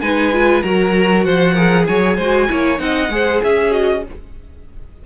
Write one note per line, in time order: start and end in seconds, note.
0.00 0.62 G#3
0.00 0.32 D#4
0.00 0.63 B4
0.00 0.62 G#5
0.32 0.63 F4
0.62 1.25 F#3
0.62 1.55 F#4
0.62 1.25 A#4
0.62 1.23 A#5
1.23 1.87 F3
1.23 1.53 C5
1.23 1.85 F#5
1.53 2.17 G#4
1.53 1.84 A#4
1.86 2.17 F#3
1.86 2.16 C#5
1.86 2.78 G#5
2.16 2.48 G#3
2.16 2.49 F#4
2.16 2.47 C5
2.49 2.79 A#3
2.49 2.77 E4
2.49 2.82 C#5
2.77 3.09 C4
2.77 3.08 D#4
2.77 3.13 D#5
2.77 3.40 F#5
3.09 3.40 G#3
3.09 3.70 G#4
3.09 3.44 C5
3.43 4.05 C#4
3.43 4.06 G#4
3.43 3.72 E5
3.70 4.01 F#4
3.70 4.03 D#5